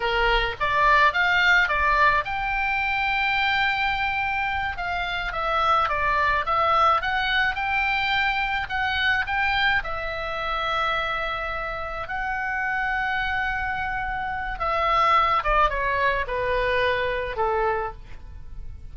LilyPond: \new Staff \with { instrumentName = "oboe" } { \time 4/4 \tempo 4 = 107 ais'4 d''4 f''4 d''4 | g''1~ | g''8 f''4 e''4 d''4 e''8~ | e''8 fis''4 g''2 fis''8~ |
fis''8 g''4 e''2~ e''8~ | e''4. fis''2~ fis''8~ | fis''2 e''4. d''8 | cis''4 b'2 a'4 | }